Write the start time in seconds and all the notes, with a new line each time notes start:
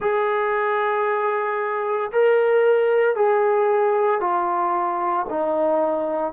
0.00 G#4
2.11 A#4
3.15 G#4
4.20 F4
5.29 D#4